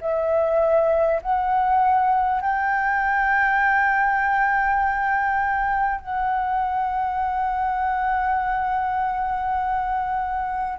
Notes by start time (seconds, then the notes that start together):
0.00 E5
1.22 F#5
2.41 G5
6.01 F#5